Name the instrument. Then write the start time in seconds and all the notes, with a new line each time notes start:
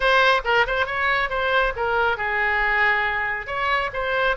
oboe
0.00 C5
0.44 A#4
0.66 C5
0.86 C#5
1.29 C5
1.75 A#4
2.17 G#4
3.46 C#5
3.93 C5